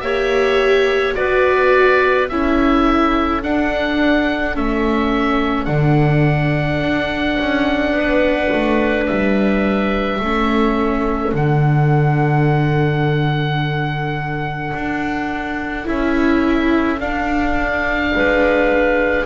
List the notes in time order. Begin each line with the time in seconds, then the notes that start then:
0.00 A#3 G4 C#5 E5
1.14 B3 F#4 B4 D5
2.29 C#4 E4 A4 E5
3.42 D4 F#5
4.54 A3 C#4 E5
5.64 D3 D4 F#5
6.80 D4
7.39 C#4
7.92 B3 B4
8.52 A3
9.06 G3 E5
10.18 A3 C#4 A4
11.33 D3 D4 F#5
14.74 D4
15.85 C#4 E4 E5
16.99 D4 F5
18.15 G#3 B4